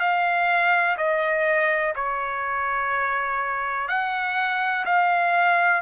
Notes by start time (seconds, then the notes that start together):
0.00 F5
0.97 D#5
1.95 C#5
3.88 F#5
4.86 F5